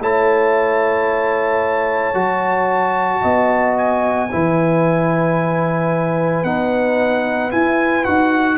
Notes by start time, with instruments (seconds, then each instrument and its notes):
0.00 tuba A3, trombone E4, horn C#5, trumpet A5
2.14 tuba F#3, trombone F#4
3.21 tuba B3, horn D#5
3.77 trumpet G#5
4.30 tuba E3, trombone E4, horn B4
6.43 tuba B3, trombone D#4, trumpet F#5
7.51 trombone E4, tuba E4, trumpet G#5
8.04 tuba D#4, trombone F#4, trumpet F#5